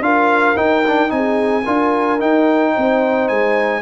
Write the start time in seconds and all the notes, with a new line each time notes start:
0.00 D4 F4 A#4 F5
0.56 D#4 G5
0.87 D4
1.08 C4 D#4 G#5
1.15 G#4
1.63 D4 F4 A#4
2.19 D#4 G5
2.74 C4 C5
3.28 G#3 G#5